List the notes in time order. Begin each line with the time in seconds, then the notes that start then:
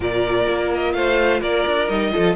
0.00 A#2 F4 A#4 D5
0.47 A#3
0.74 D#5
0.93 A3 C5 F5
1.40 A#3 A#4 D5
1.66 D4
1.88 G3 D#4 D#5
2.12 F3 F4 A4